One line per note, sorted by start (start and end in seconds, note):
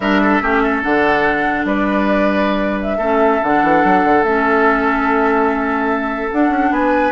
0.00 0.41 G3
0.00 0.41 D4
0.00 0.21 A#4
0.00 0.81 E5
0.22 0.42 A4
0.41 0.82 A3
0.41 0.82 C#4
0.41 0.62 G4
0.62 1.66 A4
0.82 1.64 D3
0.82 2.99 D4
0.82 1.65 F#5
1.64 2.98 G3
1.64 2.97 B4
1.64 2.80 D5
2.81 3.43 E5
2.97 3.39 A3
2.97 3.43 C#4
2.97 6.70 A4
3.42 3.63 D3
3.42 4.26 D4
3.42 4.23 F#5
3.63 3.83 E3
3.84 4.04 F#3
4.04 4.23 D3
4.23 6.30 A3
4.23 6.32 C#4
4.23 6.30 E5
6.31 7.11 D4
6.31 6.49 D4
6.31 6.72 F#5
6.49 6.70 C#4
6.70 7.11 B3
6.70 7.11 B4
6.70 7.11 G#5